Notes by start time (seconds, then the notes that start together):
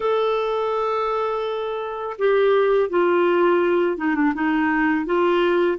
0.00 A4
2.18 G4
2.89 F4
3.97 D#4
4.15 D4
4.34 D#4
5.05 F4